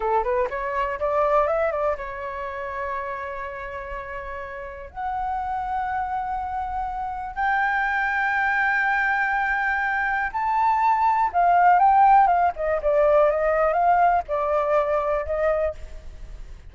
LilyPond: \new Staff \with { instrumentName = "flute" } { \time 4/4 \tempo 4 = 122 a'8 b'8 cis''4 d''4 e''8 d''8 | cis''1~ | cis''2 fis''2~ | fis''2. g''4~ |
g''1~ | g''4 a''2 f''4 | g''4 f''8 dis''8 d''4 dis''4 | f''4 d''2 dis''4 | }